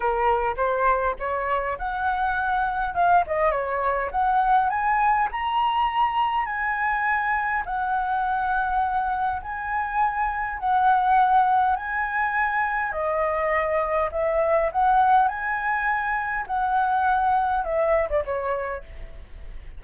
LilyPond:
\new Staff \with { instrumentName = "flute" } { \time 4/4 \tempo 4 = 102 ais'4 c''4 cis''4 fis''4~ | fis''4 f''8 dis''8 cis''4 fis''4 | gis''4 ais''2 gis''4~ | gis''4 fis''2. |
gis''2 fis''2 | gis''2 dis''2 | e''4 fis''4 gis''2 | fis''2 e''8. d''16 cis''4 | }